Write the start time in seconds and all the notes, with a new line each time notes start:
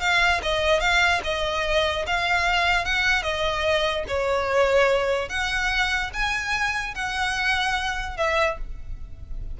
0.00 F5
0.42 D#5
0.80 F5
1.23 D#5
2.06 F5
2.85 F#5
3.22 D#5
4.07 C#5
5.29 F#5
6.13 G#5
6.94 F#5
8.17 E5